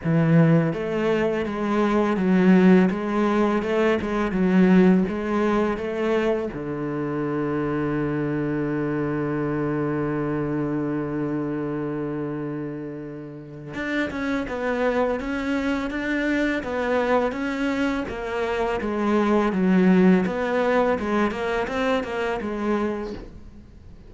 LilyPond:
\new Staff \with { instrumentName = "cello" } { \time 4/4 \tempo 4 = 83 e4 a4 gis4 fis4 | gis4 a8 gis8 fis4 gis4 | a4 d2.~ | d1~ |
d2. d'8 cis'8 | b4 cis'4 d'4 b4 | cis'4 ais4 gis4 fis4 | b4 gis8 ais8 c'8 ais8 gis4 | }